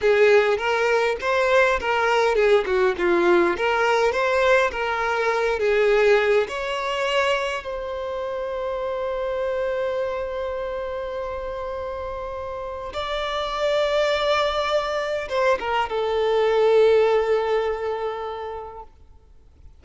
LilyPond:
\new Staff \with { instrumentName = "violin" } { \time 4/4 \tempo 4 = 102 gis'4 ais'4 c''4 ais'4 | gis'8 fis'8 f'4 ais'4 c''4 | ais'4. gis'4. cis''4~ | cis''4 c''2.~ |
c''1~ | c''2 d''2~ | d''2 c''8 ais'8 a'4~ | a'1 | }